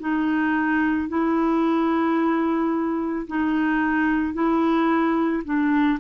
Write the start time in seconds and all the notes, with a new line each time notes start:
0.00 D#4
1.09 E4
3.27 D#4
4.34 E4
5.44 D4